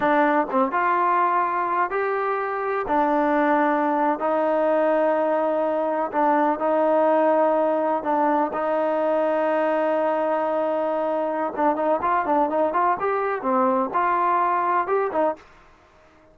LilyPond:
\new Staff \with { instrumentName = "trombone" } { \time 4/4 \tempo 4 = 125 d'4 c'8 f'2~ f'8 | g'2 d'2~ | d'8. dis'2.~ dis'16~ | dis'8. d'4 dis'2~ dis'16~ |
dis'8. d'4 dis'2~ dis'16~ | dis'1 | d'8 dis'8 f'8 d'8 dis'8 f'8 g'4 | c'4 f'2 g'8 dis'8 | }